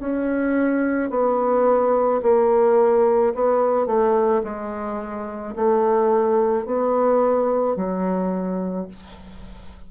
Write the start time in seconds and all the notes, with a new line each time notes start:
0.00 C#4
1.11 B3
2.23 A#3
3.35 B3
3.87 A3
4.44 G#3
5.56 A3
6.66 B3
7.76 F#3